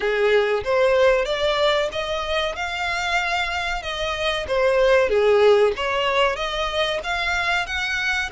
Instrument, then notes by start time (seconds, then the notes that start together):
violin
0.00 G#4
0.64 C5
1.25 D5
1.91 D#5
2.55 F5
3.82 D#5
4.47 C5
5.09 G#4
5.76 C#5
6.36 D#5
7.03 F5
7.66 F#5